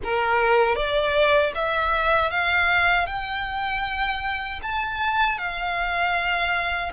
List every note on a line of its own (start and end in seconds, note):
0.03 0.75 A#4
0.75 1.52 D5
1.54 2.30 E5
2.30 3.06 F5
3.06 4.60 G5
4.62 5.37 A5
5.37 6.91 F5